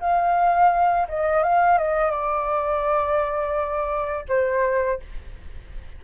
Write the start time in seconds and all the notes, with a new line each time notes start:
0.00 F5
1.08 D#5
1.43 F5
1.78 D#5
2.11 D5
4.29 C5